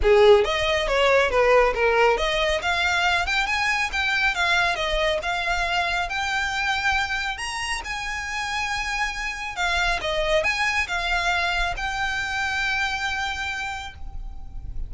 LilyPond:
\new Staff \with { instrumentName = "violin" } { \time 4/4 \tempo 4 = 138 gis'4 dis''4 cis''4 b'4 | ais'4 dis''4 f''4. g''8 | gis''4 g''4 f''4 dis''4 | f''2 g''2~ |
g''4 ais''4 gis''2~ | gis''2 f''4 dis''4 | gis''4 f''2 g''4~ | g''1 | }